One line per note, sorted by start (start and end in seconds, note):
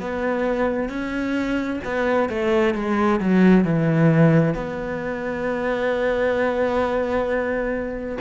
0.00 0.89 B3
0.89 1.80 C#4
1.84 2.29 B3
2.29 2.74 A3
2.74 3.19 G#3
3.20 3.64 F#3
3.64 4.54 E3
4.54 8.18 B3